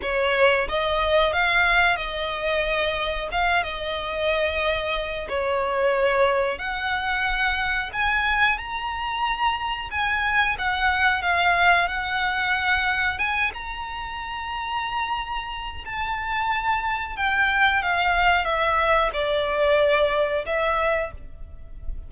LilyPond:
\new Staff \with { instrumentName = "violin" } { \time 4/4 \tempo 4 = 91 cis''4 dis''4 f''4 dis''4~ | dis''4 f''8 dis''2~ dis''8 | cis''2 fis''2 | gis''4 ais''2 gis''4 |
fis''4 f''4 fis''2 | gis''8 ais''2.~ ais''8 | a''2 g''4 f''4 | e''4 d''2 e''4 | }